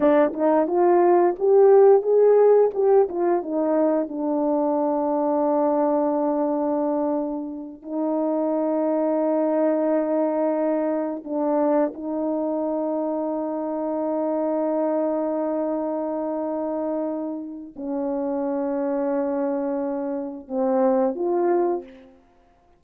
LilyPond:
\new Staff \with { instrumentName = "horn" } { \time 4/4 \tempo 4 = 88 d'8 dis'8 f'4 g'4 gis'4 | g'8 f'8 dis'4 d'2~ | d'2.~ d'8 dis'8~ | dis'1~ |
dis'8 d'4 dis'2~ dis'8~ | dis'1~ | dis'2 cis'2~ | cis'2 c'4 f'4 | }